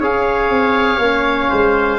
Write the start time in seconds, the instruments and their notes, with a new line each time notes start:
0.00 tuba C#4, trombone G#4, trumpet C#5, oboe F5
0.50 tuba C4
0.99 tuba A#3, trombone C#4
1.50 tuba G#3, trumpet C5